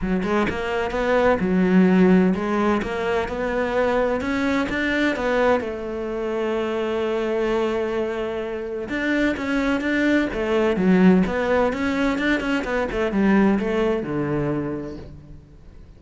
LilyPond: \new Staff \with { instrumentName = "cello" } { \time 4/4 \tempo 4 = 128 fis8 gis8 ais4 b4 fis4~ | fis4 gis4 ais4 b4~ | b4 cis'4 d'4 b4 | a1~ |
a2. d'4 | cis'4 d'4 a4 fis4 | b4 cis'4 d'8 cis'8 b8 a8 | g4 a4 d2 | }